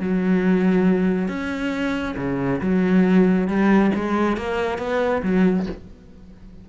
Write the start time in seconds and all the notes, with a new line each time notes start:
0.00 F#3
1.28 C#4
2.17 C#3
2.61 F#3
3.48 G3
3.95 G#3
4.37 A#3
4.79 B3
5.23 F#3